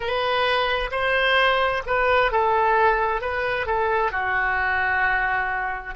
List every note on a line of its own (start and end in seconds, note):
0.00 0.90 B4
0.91 1.82 C5
1.86 2.31 B4
2.31 3.21 A4
3.21 3.66 B4
3.66 4.11 A4
4.11 5.94 F#4